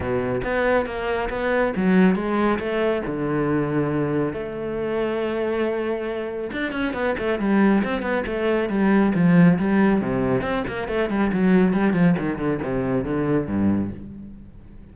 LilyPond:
\new Staff \with { instrumentName = "cello" } { \time 4/4 \tempo 4 = 138 b,4 b4 ais4 b4 | fis4 gis4 a4 d4~ | d2 a2~ | a2. d'8 cis'8 |
b8 a8 g4 c'8 b8 a4 | g4 f4 g4 c4 | c'8 ais8 a8 g8 fis4 g8 f8 | dis8 d8 c4 d4 g,4 | }